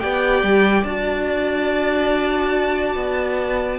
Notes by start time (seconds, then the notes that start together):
0.00 B3 G4 D5 G5
0.43 G3
0.84 D4 F#4 A5
2.95 B3